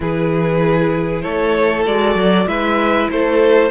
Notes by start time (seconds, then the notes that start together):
0.00 E3 E4 G#4 B4
1.21 A3 A4 C#5
1.86 G#3 F#4 D5
2.15 F#3
2.46 G#3 E4 B4 E5
3.09 A3 A4 C5